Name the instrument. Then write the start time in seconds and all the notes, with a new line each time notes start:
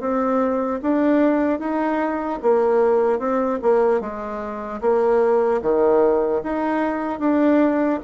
bassoon
0.00 C4
0.83 D4
1.60 D#4
2.42 A#3
3.19 C4
3.63 A#3
4.01 G#3
4.81 A#3
5.62 D#3
6.44 D#4
7.19 D4